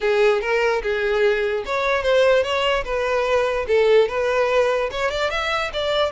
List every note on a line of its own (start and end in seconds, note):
0.00 0.41 G#4
0.41 0.81 A#4
0.82 1.63 G#4
1.65 2.02 C#5
2.02 2.43 C5
2.43 2.83 C#5
2.84 3.65 B4
3.67 4.08 A4
4.08 4.89 B4
4.91 5.10 C#5
5.10 5.30 D5
5.30 5.71 E5
5.73 6.11 D5